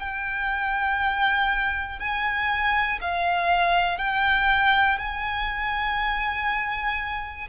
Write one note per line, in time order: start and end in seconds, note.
0.00 1.99 G5
1.99 2.99 G#5
3.01 3.99 F5
3.99 4.99 G5
4.99 7.49 G#5